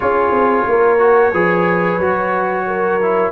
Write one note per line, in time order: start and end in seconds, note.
0.00 0.31 C#4
0.00 0.98 F4
0.00 0.67 G#4
0.00 3.31 C#5
0.31 0.64 C4
0.67 1.33 A#3
0.67 1.32 A#4
0.98 1.32 F#4
1.32 1.98 F3
1.32 2.00 G#4
1.32 2.66 B4
1.98 3.31 F#3
1.98 3.00 F#4
2.67 3.31 A#4
3.01 3.31 E4